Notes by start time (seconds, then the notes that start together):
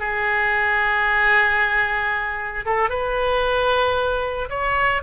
0.00 G#4
2.66 A4
2.90 B4
4.50 C#5